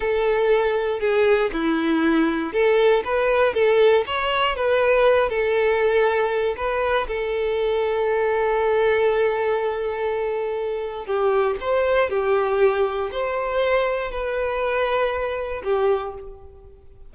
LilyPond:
\new Staff \with { instrumentName = "violin" } { \time 4/4 \tempo 4 = 119 a'2 gis'4 e'4~ | e'4 a'4 b'4 a'4 | cis''4 b'4. a'4.~ | a'4 b'4 a'2~ |
a'1~ | a'2 g'4 c''4 | g'2 c''2 | b'2. g'4 | }